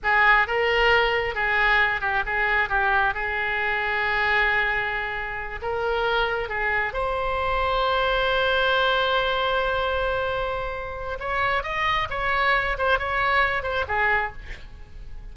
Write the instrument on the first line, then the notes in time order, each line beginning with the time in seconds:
oboe
0.03 G#4
0.47 A#4
1.34 G#4
2.00 G4
2.26 G#4
2.69 G4
3.13 G#4
5.62 A#4
6.48 G#4
6.93 C5
11.19 C#5
11.63 D#5
12.10 C#5
12.78 C5
12.98 C#5
13.62 C5
13.87 G#4